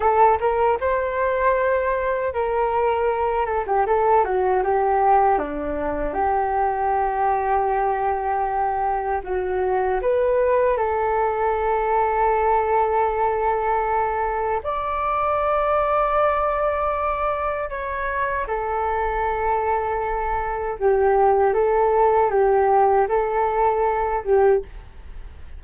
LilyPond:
\new Staff \with { instrumentName = "flute" } { \time 4/4 \tempo 4 = 78 a'8 ais'8 c''2 ais'4~ | ais'8 a'16 g'16 a'8 fis'8 g'4 d'4 | g'1 | fis'4 b'4 a'2~ |
a'2. d''4~ | d''2. cis''4 | a'2. g'4 | a'4 g'4 a'4. g'8 | }